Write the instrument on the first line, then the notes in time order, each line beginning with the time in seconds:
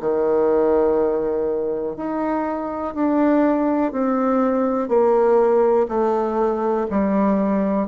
bassoon
0.00 D#3
1.96 D#4
2.94 D4
3.92 C4
4.88 A#3
5.88 A3
6.90 G3